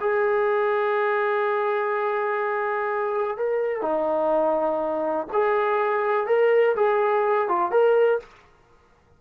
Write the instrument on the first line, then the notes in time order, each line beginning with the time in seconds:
trombone
0.00 G#4
3.37 A#4
3.81 D#4
5.32 G#4
6.26 A#4
6.75 G#4
7.48 F4
7.71 A#4